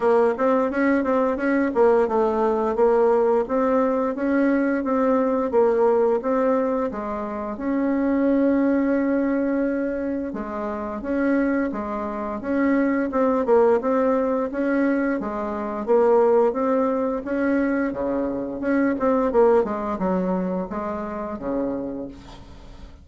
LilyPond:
\new Staff \with { instrumentName = "bassoon" } { \time 4/4 \tempo 4 = 87 ais8 c'8 cis'8 c'8 cis'8 ais8 a4 | ais4 c'4 cis'4 c'4 | ais4 c'4 gis4 cis'4~ | cis'2. gis4 |
cis'4 gis4 cis'4 c'8 ais8 | c'4 cis'4 gis4 ais4 | c'4 cis'4 cis4 cis'8 c'8 | ais8 gis8 fis4 gis4 cis4 | }